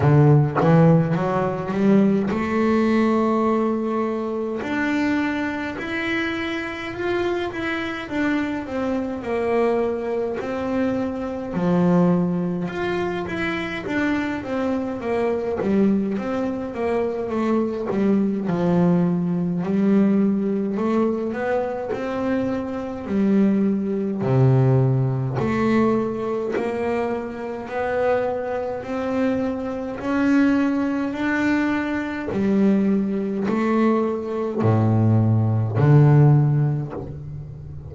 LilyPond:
\new Staff \with { instrumentName = "double bass" } { \time 4/4 \tempo 4 = 52 d8 e8 fis8 g8 a2 | d'4 e'4 f'8 e'8 d'8 c'8 | ais4 c'4 f4 f'8 e'8 | d'8 c'8 ais8 g8 c'8 ais8 a8 g8 |
f4 g4 a8 b8 c'4 | g4 c4 a4 ais4 | b4 c'4 cis'4 d'4 | g4 a4 a,4 d4 | }